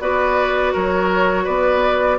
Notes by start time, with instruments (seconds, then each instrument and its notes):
0.00 bassoon B3, clarinet F#4, oboe B4, flute D5
0.73 bassoon F#3, oboe A#4, flute C#5
1.44 bassoon B3, oboe B4, flute D5